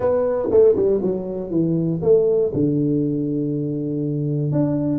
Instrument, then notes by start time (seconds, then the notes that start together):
tuba
0.00 B3
0.50 A3
0.75 G3
1.02 F#3
1.50 E3
2.02 A3
2.53 D3
4.52 D4